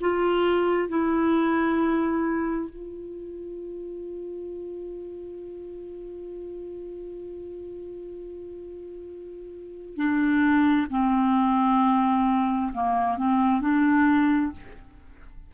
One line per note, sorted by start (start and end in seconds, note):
0.00 0.88 F4
0.88 2.69 E4
2.69 9.95 F4
9.95 10.86 D4
10.90 12.72 C4
12.73 13.17 A#3
13.17 13.60 C4
13.60 14.51 D4